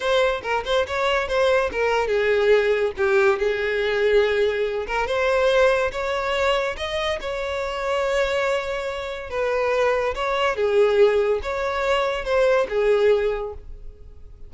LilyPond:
\new Staff \with { instrumentName = "violin" } { \time 4/4 \tempo 4 = 142 c''4 ais'8 c''8 cis''4 c''4 | ais'4 gis'2 g'4 | gis'2.~ gis'8 ais'8 | c''2 cis''2 |
dis''4 cis''2.~ | cis''2 b'2 | cis''4 gis'2 cis''4~ | cis''4 c''4 gis'2 | }